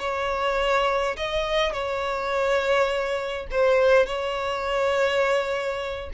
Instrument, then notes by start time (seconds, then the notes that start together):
violin
0.00 C#5
1.17 D#5
1.73 C#5
3.51 C5
4.07 C#5